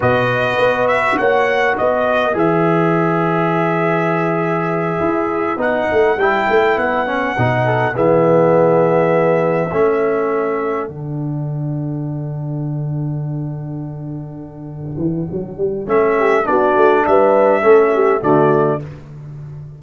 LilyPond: <<
  \new Staff \with { instrumentName = "trumpet" } { \time 4/4 \tempo 4 = 102 dis''4. e''8 fis''4 dis''4 | e''1~ | e''4. fis''4 g''4 fis''8~ | fis''4. e''2~ e''8~ |
e''2~ e''8 fis''4.~ | fis''1~ | fis''2. e''4 | d''4 e''2 d''4 | }
  \new Staff \with { instrumentName = "horn" } { \time 4/4 b'2 cis''4 b'4~ | b'1~ | b'1~ | b'4 a'8 gis'2~ gis'8~ |
gis'8 a'2.~ a'8~ | a'1~ | a'2.~ a'8 g'8 | fis'4 b'4 a'8 g'8 fis'4 | }
  \new Staff \with { instrumentName = "trombone" } { \time 4/4 fis'1 | gis'1~ | gis'4. dis'4 e'4. | cis'8 dis'4 b2~ b8~ |
b8 cis'2 d'4.~ | d'1~ | d'2. cis'4 | d'2 cis'4 a4 | }
  \new Staff \with { instrumentName = "tuba" } { \time 4/4 b,4 b4 ais4 b4 | e1~ | e8 e'4 b8 a8 g8 a8 b8~ | b8 b,4 e2~ e8~ |
e8 a2 d4.~ | d1~ | d4. e8 fis8 g8 a4 | b8 a8 g4 a4 d4 | }
>>